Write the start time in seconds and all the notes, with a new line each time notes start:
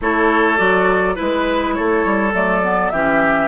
0.01 A3 E4 A4 C#5
0.57 F#3 F#4 D5
1.15 G#3 E4 B4
1.74 A3 A4 C#5
2.04 G3
2.33 F#3 A3 D5
2.63 B3
2.89 E3 C#4 G4 E5